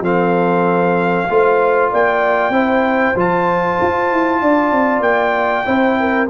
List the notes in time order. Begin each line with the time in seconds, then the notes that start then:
0.00 F3 C4 A4 F5
1.29 A3 F4 C5
1.91 A#3 D5 G5
2.49 C4 E4 C5
3.15 F3 F4 A5
3.81 F4
4.12 E4
4.41 D4 D5
4.71 C4
5.00 A#3 G5
5.65 C4 E4 C5
5.99 A#4